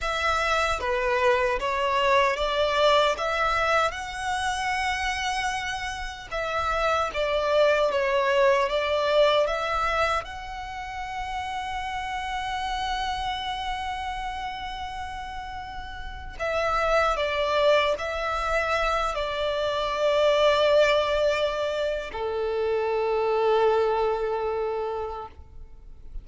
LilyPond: \new Staff \with { instrumentName = "violin" } { \time 4/4 \tempo 4 = 76 e''4 b'4 cis''4 d''4 | e''4 fis''2. | e''4 d''4 cis''4 d''4 | e''4 fis''2.~ |
fis''1~ | fis''8. e''4 d''4 e''4~ e''16~ | e''16 d''2.~ d''8. | a'1 | }